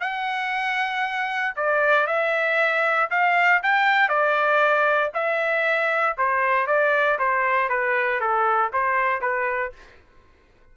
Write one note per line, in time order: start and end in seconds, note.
0.00 1.54 F#5
1.56 2.07 D5
2.07 3.09 E5
3.10 3.62 F5
3.62 4.08 G5
4.08 5.11 D5
5.14 6.16 E5
6.17 6.67 C5
6.67 7.18 D5
7.19 7.69 C5
7.69 8.20 B4
8.20 8.71 A4
8.72 9.21 C5
9.21 9.72 B4